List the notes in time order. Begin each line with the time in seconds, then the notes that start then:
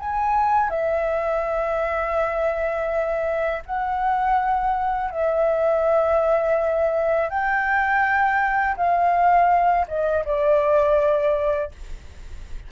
0.00 G#5
0.70 E5
3.67 F#5
5.11 E5
7.30 G5
8.77 F5
9.88 D#5
10.25 D5